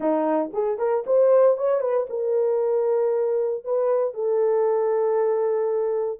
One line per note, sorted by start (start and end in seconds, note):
0.00 0.51 D#4
0.53 0.78 G#4
0.78 1.04 A#4
1.06 1.57 C5
1.57 1.81 C#5
1.81 2.06 B4
2.09 3.64 A#4
3.64 4.14 B4
4.14 6.19 A4